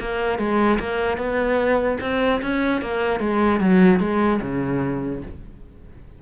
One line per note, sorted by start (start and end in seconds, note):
0.00 0.38 A#3
0.38 0.79 G#3
0.79 1.17 A#3
1.17 1.97 B3
2.01 2.41 C4
2.41 2.81 C#4
2.81 3.19 A#3
3.19 3.60 G#3
3.60 4.00 F#3
4.00 4.40 G#3
4.41 5.22 C#3